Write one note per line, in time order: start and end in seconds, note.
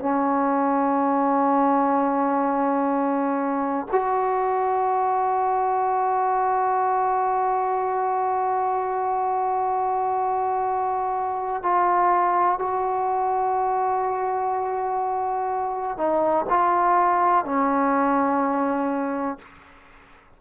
0.00 3.87 C#4
3.92 11.63 F#4
11.63 12.59 F4
12.59 15.98 F#4
15.98 16.46 D#4
16.50 17.45 F4
17.45 19.39 C#4